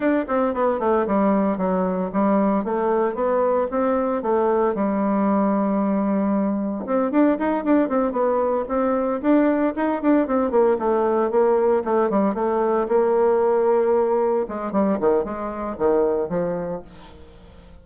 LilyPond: \new Staff \with { instrumentName = "bassoon" } { \time 4/4 \tempo 4 = 114 d'8 c'8 b8 a8 g4 fis4 | g4 a4 b4 c'4 | a4 g2.~ | g4 c'8 d'8 dis'8 d'8 c'8 b8~ |
b8 c'4 d'4 dis'8 d'8 c'8 | ais8 a4 ais4 a8 g8 a8~ | a8 ais2. gis8 | g8 dis8 gis4 dis4 f4 | }